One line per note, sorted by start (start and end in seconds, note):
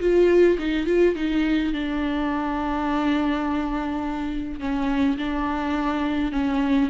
0.00 0.58 F4
0.58 0.87 D#4
0.87 1.15 F4
1.15 1.73 D#4
1.74 4.59 D4
4.59 5.17 C#4
5.18 6.32 D4
6.32 6.90 C#4